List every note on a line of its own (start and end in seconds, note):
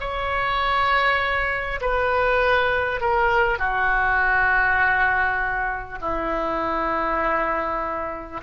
0.00 1.80 C#5
1.81 3.01 B4
3.01 3.59 A#4
3.59 5.99 F#4
6.01 8.41 E4